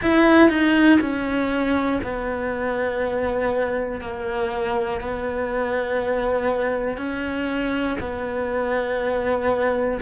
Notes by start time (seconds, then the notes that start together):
0.02 E4
0.49 D#4
1.00 C#4
2.03 B3
4.00 A#3
5.00 B3
6.97 C#4
8.00 B3